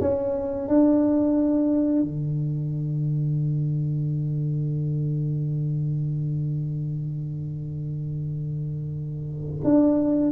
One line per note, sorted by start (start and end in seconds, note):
0.00 0.68 C#4
0.68 2.02 D4
2.02 9.61 D3
9.64 10.31 D4